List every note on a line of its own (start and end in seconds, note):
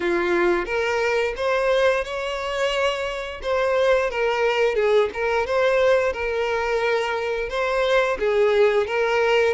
0.00 0.65 F4
0.65 1.34 A#4
1.36 2.04 C5
2.04 3.41 C#5
3.42 4.10 C5
4.10 4.75 A#4
4.75 5.09 G#4
5.13 5.46 A#4
5.46 6.12 C5
6.12 7.49 A#4
7.49 8.17 C5
8.18 8.86 G#4
8.86 9.54 A#4